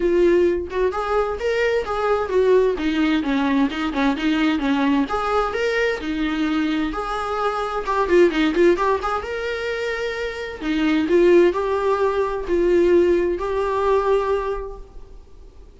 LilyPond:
\new Staff \with { instrumentName = "viola" } { \time 4/4 \tempo 4 = 130 f'4. fis'8 gis'4 ais'4 | gis'4 fis'4 dis'4 cis'4 | dis'8 cis'8 dis'4 cis'4 gis'4 | ais'4 dis'2 gis'4~ |
gis'4 g'8 f'8 dis'8 f'8 g'8 gis'8 | ais'2. dis'4 | f'4 g'2 f'4~ | f'4 g'2. | }